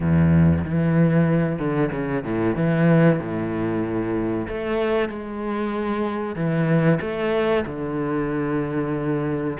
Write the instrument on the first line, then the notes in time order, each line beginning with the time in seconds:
cello
0.00 E2
0.64 E3
1.58 D3
1.91 C#3
2.23 A2
2.55 E3
3.19 A2
4.47 A3
5.08 G#3
6.35 E3
7.00 A3
7.66 D3